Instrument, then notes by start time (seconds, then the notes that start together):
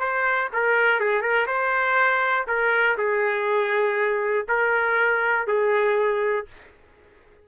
trumpet
0.00 C5
0.53 A#4
1.00 G#4
1.22 A#4
1.47 C5
2.48 A#4
2.98 G#4
4.49 A#4
5.47 G#4